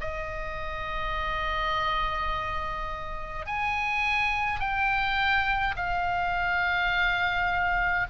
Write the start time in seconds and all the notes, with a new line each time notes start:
0.00 D#5
3.46 G#5
4.59 G5
5.76 F5